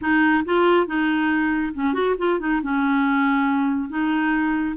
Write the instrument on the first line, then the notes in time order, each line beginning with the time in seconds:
clarinet
0.01 D#4
0.45 F4
0.86 D#4
1.73 C#4
1.93 F#4
2.17 F4
2.39 D#4
2.62 C#4
3.89 D#4